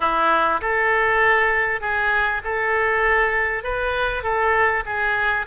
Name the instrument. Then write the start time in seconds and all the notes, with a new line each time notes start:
oboe
0.00 E4
0.61 A4
1.80 G#4
2.44 A4
3.63 B4
4.23 A4
4.85 G#4